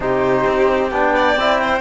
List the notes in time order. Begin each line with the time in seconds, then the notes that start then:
0.00 C3 D#4 G4 C5
0.46 C4
0.90 B3 D4 G5
1.15 D5
1.36 C4 E4
1.61 C5